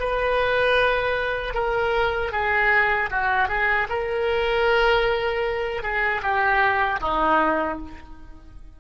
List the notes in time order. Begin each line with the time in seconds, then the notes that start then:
0.00 B4
1.54 A#4
2.32 G#4
3.11 F#4
3.49 G#4
3.89 A#4
5.83 G#4
6.22 G4
7.01 D#4